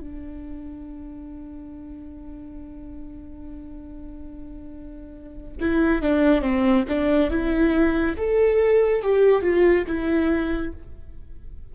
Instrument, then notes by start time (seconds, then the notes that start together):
viola
0.00 D4
5.61 E4
6.02 D4
6.42 C4
6.88 D4
7.31 E4
8.17 A4
9.02 G4
9.42 F4
9.87 E4